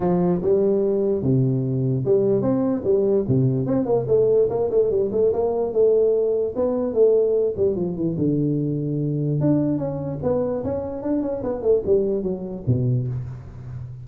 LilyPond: \new Staff \with { instrumentName = "tuba" } { \time 4/4 \tempo 4 = 147 f4 g2 c4~ | c4 g4 c'4 g4 | c4 c'8 ais8 a4 ais8 a8 | g8 a8 ais4 a2 |
b4 a4. g8 f8 e8 | d2. d'4 | cis'4 b4 cis'4 d'8 cis'8 | b8 a8 g4 fis4 b,4 | }